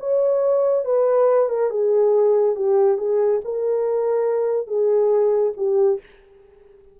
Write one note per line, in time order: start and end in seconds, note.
0.00 0.85 C#5
0.85 1.50 B4
1.50 1.70 A#4
1.70 2.56 G#4
2.56 2.98 G4
2.98 3.41 G#4
3.45 4.68 A#4
4.68 5.53 G#4
5.57 6.00 G4